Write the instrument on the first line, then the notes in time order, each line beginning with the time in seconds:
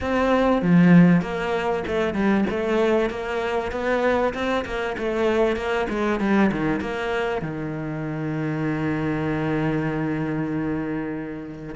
cello
0.00 C4
0.62 F3
1.21 A#3
1.87 A3
2.13 G3
2.50 A3
3.09 A#3
3.71 B3
4.34 C4
4.65 A#3
4.98 A3
5.56 A#3
5.89 G#3
6.19 G3
6.51 D#3
6.80 A#3
7.41 D#3